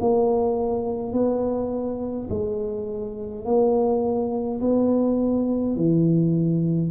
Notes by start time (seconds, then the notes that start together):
0.00 A#3
1.13 B3
2.30 G#3
3.45 A#3
4.60 B3
5.76 E3